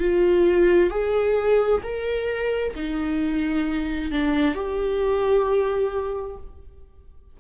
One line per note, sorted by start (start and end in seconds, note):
0.00 0.91 F4
0.91 1.82 G#4
1.83 2.74 A#4
2.75 4.12 D#4
4.12 4.55 D4
4.55 6.37 G4